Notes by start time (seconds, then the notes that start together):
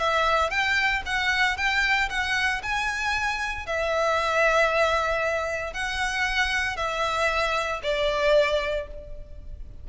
0.00 E5
0.51 G5
1.06 F#5
1.57 G5
2.10 F#5
2.63 G#5
3.67 E5
5.74 F#5
6.77 E5
7.84 D5